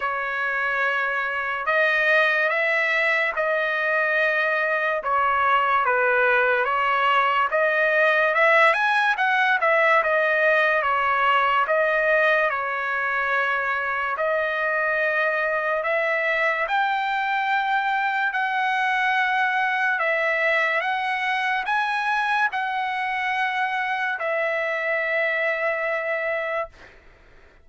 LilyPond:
\new Staff \with { instrumentName = "trumpet" } { \time 4/4 \tempo 4 = 72 cis''2 dis''4 e''4 | dis''2 cis''4 b'4 | cis''4 dis''4 e''8 gis''8 fis''8 e''8 | dis''4 cis''4 dis''4 cis''4~ |
cis''4 dis''2 e''4 | g''2 fis''2 | e''4 fis''4 gis''4 fis''4~ | fis''4 e''2. | }